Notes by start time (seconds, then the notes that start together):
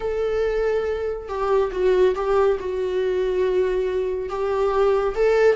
0.00 A4
1.28 G4
1.72 F#4
2.15 G4
2.59 F#4
4.29 G4
5.15 A4